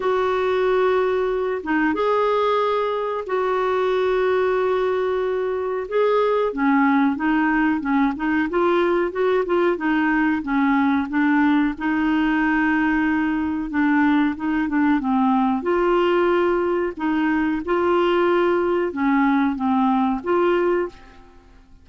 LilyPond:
\new Staff \with { instrumentName = "clarinet" } { \time 4/4 \tempo 4 = 92 fis'2~ fis'8 dis'8 gis'4~ | gis'4 fis'2.~ | fis'4 gis'4 cis'4 dis'4 | cis'8 dis'8 f'4 fis'8 f'8 dis'4 |
cis'4 d'4 dis'2~ | dis'4 d'4 dis'8 d'8 c'4 | f'2 dis'4 f'4~ | f'4 cis'4 c'4 f'4 | }